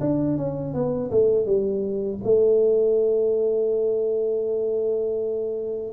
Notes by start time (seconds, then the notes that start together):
0.00 D4
0.37 C#4
0.73 B3
1.11 A3
1.46 G3
2.24 A3